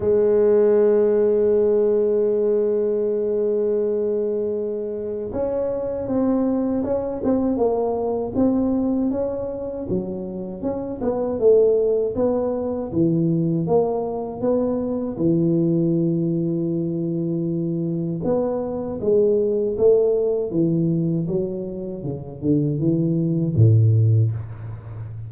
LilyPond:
\new Staff \with { instrumentName = "tuba" } { \time 4/4 \tempo 4 = 79 gis1~ | gis2. cis'4 | c'4 cis'8 c'8 ais4 c'4 | cis'4 fis4 cis'8 b8 a4 |
b4 e4 ais4 b4 | e1 | b4 gis4 a4 e4 | fis4 cis8 d8 e4 a,4 | }